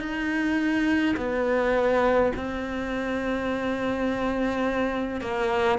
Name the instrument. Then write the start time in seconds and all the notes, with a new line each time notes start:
cello
0.00 D#4
1.17 B3
2.37 C4
5.21 A#3